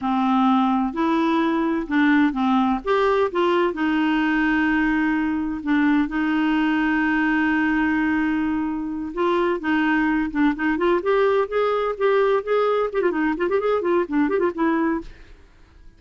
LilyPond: \new Staff \with { instrumentName = "clarinet" } { \time 4/4 \tempo 4 = 128 c'2 e'2 | d'4 c'4 g'4 f'4 | dis'1 | d'4 dis'2.~ |
dis'2.~ dis'8 f'8~ | f'8 dis'4. d'8 dis'8 f'8 g'8~ | g'8 gis'4 g'4 gis'4 g'16 f'16 | dis'8 f'16 g'16 gis'8 f'8 d'8 g'16 f'16 e'4 | }